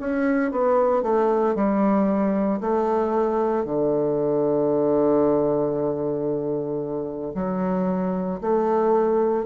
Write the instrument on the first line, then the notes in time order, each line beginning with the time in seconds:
bassoon
0.00 C#4
0.52 B3
1.03 A3
1.55 G3
2.61 A3
3.65 D3
7.35 F#3
8.41 A3